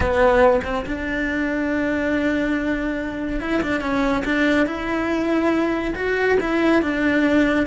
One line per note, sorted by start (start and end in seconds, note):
0.00 0.61 B3
0.64 0.85 C4
0.86 3.40 D4
3.40 3.61 E4
3.62 3.81 D4
3.81 4.23 C#4
4.24 4.66 D4
4.66 5.94 E4
5.95 6.37 F#4
6.40 6.82 E4
6.82 7.66 D4